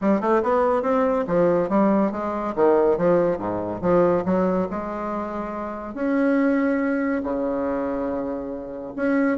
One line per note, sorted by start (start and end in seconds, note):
0.01 0.20 G3
0.20 0.42 A3
0.43 0.82 B3
0.82 1.25 C4
1.27 1.69 F3
1.69 2.11 G3
2.11 2.54 G#3
2.55 2.97 D#3
2.97 3.38 F3
3.38 3.80 G#2
3.81 4.24 F3
4.25 4.68 F#3
4.70 5.94 G#3
5.94 7.22 C#4
7.23 8.93 C#3
8.96 9.37 C#4